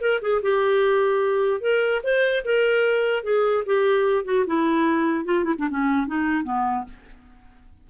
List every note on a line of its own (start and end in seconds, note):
0.00 0.20 A#4
0.21 0.41 G#4
0.42 1.60 G4
1.60 2.01 A#4
2.03 2.44 C5
2.44 3.23 A#4
3.23 3.63 G#4
3.65 4.24 G4
4.24 4.44 F#4
4.46 5.25 E4
5.25 5.44 F4
5.44 5.54 E4
5.58 5.68 D4
5.70 6.07 C#4
6.07 6.43 D#4
6.43 6.84 B3